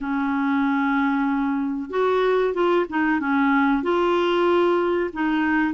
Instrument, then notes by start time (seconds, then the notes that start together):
clarinet
0.00 C#4
1.90 F#4
2.54 F4
2.89 D#4
3.20 C#4
3.82 F4
5.13 D#4